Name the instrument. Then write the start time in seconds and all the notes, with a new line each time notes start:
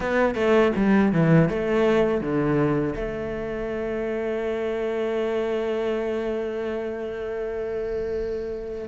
cello
0.00 B3
0.35 A3
0.76 G3
1.12 E3
1.49 A3
2.20 D3
2.95 A3